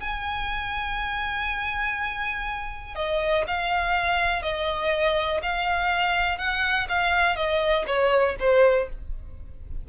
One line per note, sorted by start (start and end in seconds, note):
0.00 2.95 G#5
2.95 3.44 D#5
3.47 4.42 F5
4.42 5.41 D#5
5.42 6.38 F5
6.38 6.87 F#5
6.89 7.36 F5
7.36 7.85 D#5
7.87 8.36 C#5
8.39 8.89 C5